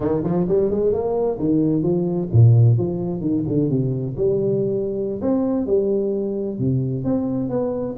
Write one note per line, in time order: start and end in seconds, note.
0.00 0.23 D#3
0.23 0.46 F3
0.48 0.70 G3
0.70 0.92 G#3
0.92 1.38 A#3
1.39 1.82 D#3
1.82 2.28 F3
2.32 2.78 A#2
2.78 3.20 F3
3.20 3.43 D#3
3.48 3.69 D3
3.69 4.15 C3
4.16 5.20 G3
5.21 5.66 C4
5.66 6.58 G3
6.58 7.04 C3
7.04 7.49 C4
7.49 7.95 B3